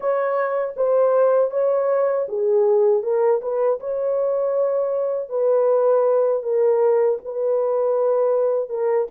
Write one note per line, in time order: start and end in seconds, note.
0.00 0.74 C#5
0.76 1.50 C5
1.50 2.26 C#5
2.28 3.02 G#4
3.02 3.40 A#4
3.41 3.79 B4
3.79 5.29 C#5
5.29 6.42 B4
6.42 7.18 A#4
7.24 8.69 B4
8.69 9.07 A#4